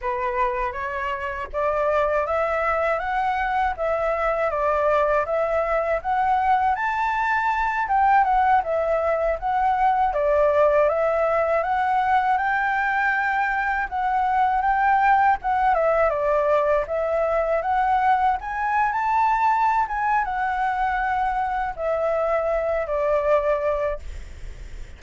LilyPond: \new Staff \with { instrumentName = "flute" } { \time 4/4 \tempo 4 = 80 b'4 cis''4 d''4 e''4 | fis''4 e''4 d''4 e''4 | fis''4 a''4. g''8 fis''8 e''8~ | e''8 fis''4 d''4 e''4 fis''8~ |
fis''8 g''2 fis''4 g''8~ | g''8 fis''8 e''8 d''4 e''4 fis''8~ | fis''8 gis''8. a''4~ a''16 gis''8 fis''4~ | fis''4 e''4. d''4. | }